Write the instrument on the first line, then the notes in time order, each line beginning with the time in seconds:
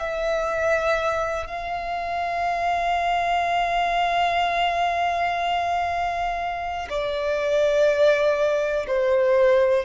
violin
0.00 E5
1.47 F5
6.90 D5
8.87 C5